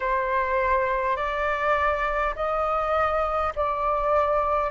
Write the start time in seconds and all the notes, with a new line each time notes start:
0.00 C5
1.16 D5
2.35 D#5
3.56 D5